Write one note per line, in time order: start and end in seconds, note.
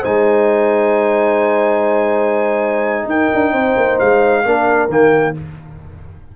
0.00 3.05 G#3
0.00 4.44 D#4
0.00 3.05 C5
0.00 3.09 G#5
3.05 3.28 D#4
3.05 3.52 A#4
3.05 3.99 G5
3.34 3.53 D4
3.52 3.75 C4
3.52 4.42 C5
3.76 3.99 A#3
3.99 4.45 G#3
3.99 4.89 F5
4.45 4.88 A#3
4.45 4.89 D4
4.45 5.36 A#4
4.88 5.33 D#3
4.88 5.34 A#3
4.88 5.36 G5